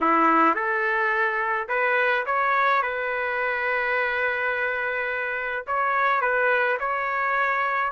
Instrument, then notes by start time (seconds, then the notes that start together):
trumpet
0.00 E4
0.54 A4
1.68 B4
2.25 C#5
2.82 B4
5.66 C#5
6.21 B4
6.79 C#5